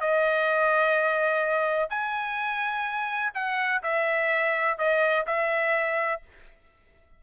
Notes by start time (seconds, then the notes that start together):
0.00 D#5
1.89 G#5
3.34 F#5
3.83 E5
4.78 D#5
5.26 E5